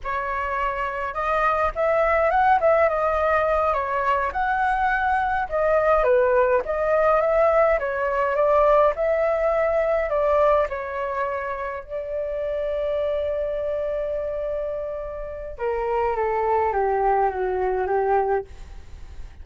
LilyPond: \new Staff \with { instrumentName = "flute" } { \time 4/4 \tempo 4 = 104 cis''2 dis''4 e''4 | fis''8 e''8 dis''4. cis''4 fis''8~ | fis''4. dis''4 b'4 dis''8~ | dis''8 e''4 cis''4 d''4 e''8~ |
e''4. d''4 cis''4.~ | cis''8 d''2.~ d''8~ | d''2. ais'4 | a'4 g'4 fis'4 g'4 | }